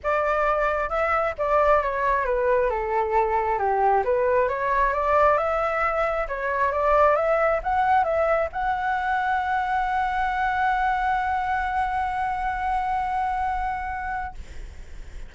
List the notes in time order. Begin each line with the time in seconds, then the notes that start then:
0.03 D5
0.89 E5
1.38 D5
1.82 C#5
2.25 B4
2.69 A4
3.58 G4
4.04 B4
4.48 C#5
4.93 D5
5.37 E5
6.27 C#5
6.72 D5
7.15 E5
7.63 F#5
8.04 E5
8.52 F#5